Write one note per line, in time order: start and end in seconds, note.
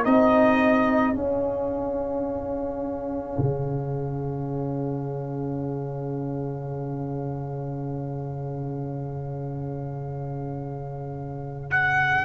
0.00 1.16 C4
0.00 1.14 D#4
0.00 12.22 G#4
0.00 1.15 D#5
1.14 12.25 C#4
1.14 3.38 C#4
1.14 11.70 F5
3.38 12.25 C#3
11.71 12.25 F#5